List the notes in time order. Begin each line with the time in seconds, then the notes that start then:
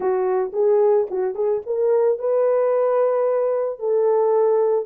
0.00 F#4
0.53 G#4
1.10 F#4
1.34 G#4
1.66 A#4
2.18 B4
3.79 A4